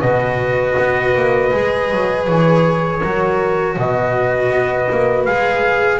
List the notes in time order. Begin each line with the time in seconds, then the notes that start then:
0.00 B2 F#4 B4 D#5
0.78 B3
1.15 A#3
1.51 G#3 G#4
1.91 F#3
2.27 E3 C#5
3.00 F#3 F#4 A#4
3.77 B2 B4 D#5
4.50 B3
4.90 A#3
5.25 G#3 G#4 F5